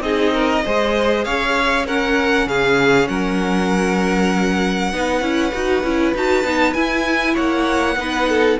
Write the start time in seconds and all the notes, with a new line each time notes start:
0.00 C4 D#4 G#4 D#5
0.34 A#4
0.65 G#3 G#4 C5
1.24 C#4 C#5 F5
1.86 C#4 A#4 F#5
2.46 C#3 G#4 F5
3.08 F#3 A#4 F#5
4.93 B3 D#4 B4
5.21 C#4 E4
5.53 D#4 F#4
5.83 C#4 E4
6.14 D#4 F#4 A5
6.44 B3 D#4
6.74 E4 G#5
7.34 A#3 C#5 F#5
7.96 B3 D#4 B4
8.29 A4